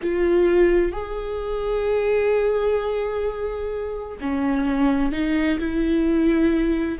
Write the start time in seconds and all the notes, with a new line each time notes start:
0.02 F4
0.92 G#4
4.21 C#4
5.12 D#4
5.59 E4